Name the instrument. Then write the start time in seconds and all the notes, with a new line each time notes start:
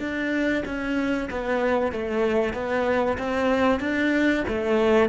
cello
0.00 D4
0.66 C#4
1.31 B3
1.92 A3
2.54 B3
3.18 C4
3.80 D4
4.48 A3